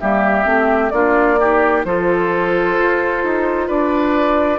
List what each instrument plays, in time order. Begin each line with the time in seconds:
0.00 bassoon G3, clarinet A#3, oboe G4, flute E5
0.45 bassoon A3, clarinet C4
0.90 bassoon A#3, clarinet D4, oboe F4, flute D5
1.40 clarinet D#4, oboe G4
1.85 bassoon F3, clarinet F4, oboe A4, flute C5
2.78 bassoon F4
3.24 bassoon D#4
3.68 bassoon D4, oboe B4, flute D5